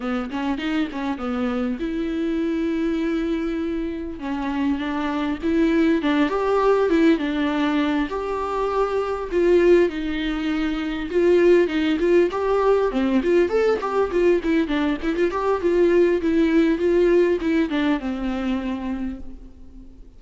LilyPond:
\new Staff \with { instrumentName = "viola" } { \time 4/4 \tempo 4 = 100 b8 cis'8 dis'8 cis'8 b4 e'4~ | e'2. cis'4 | d'4 e'4 d'8 g'4 e'8 | d'4. g'2 f'8~ |
f'8 dis'2 f'4 dis'8 | f'8 g'4 c'8 f'8 a'8 g'8 f'8 | e'8 d'8 e'16 f'16 g'8 f'4 e'4 | f'4 e'8 d'8 c'2 | }